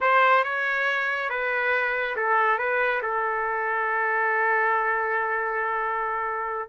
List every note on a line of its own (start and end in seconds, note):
0.00 0.43 C5
0.43 1.29 C#5
1.29 2.15 B4
2.16 2.58 A4
2.58 3.01 B4
3.02 6.69 A4